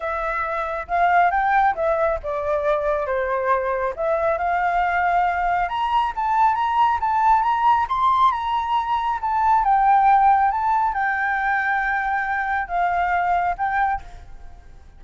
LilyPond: \new Staff \with { instrumentName = "flute" } { \time 4/4 \tempo 4 = 137 e''2 f''4 g''4 | e''4 d''2 c''4~ | c''4 e''4 f''2~ | f''4 ais''4 a''4 ais''4 |
a''4 ais''4 c'''4 ais''4~ | ais''4 a''4 g''2 | a''4 g''2.~ | g''4 f''2 g''4 | }